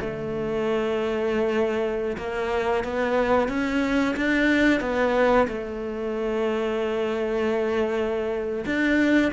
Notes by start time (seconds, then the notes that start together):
0.00 A3
2.17 A#3
2.84 B3
3.48 C#4
4.16 D4
4.80 B3
5.48 A3
8.65 D4